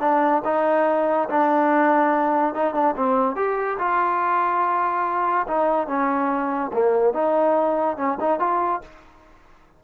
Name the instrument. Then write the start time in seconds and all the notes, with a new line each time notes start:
trombone
0.00 D4
0.44 D#4
1.29 D4
2.54 D#4
2.74 D4
2.96 C4
3.35 G4
3.78 F4
5.47 D#4
5.87 C#4
6.73 A#3
7.13 D#4
7.96 C#4
8.20 D#4
8.39 F4